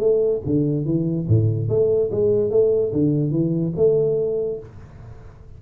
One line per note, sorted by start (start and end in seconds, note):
0.00 0.42 A3
0.46 0.85 D3
0.85 1.27 E3
1.28 1.69 A2
1.69 2.11 A3
2.11 2.51 G#3
2.51 2.92 A3
2.92 3.31 D3
3.31 3.73 E3
3.77 4.60 A3